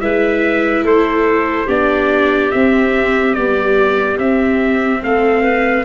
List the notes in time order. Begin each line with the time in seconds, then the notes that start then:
0.00 G#3 E4 B4 E5
0.82 A3 A4 C5
1.66 B3 D4 G4 D5
2.51 C4 E5
3.32 G3 B3 D5
4.18 C4 E5
5.02 A3 A4 F5
5.42 B4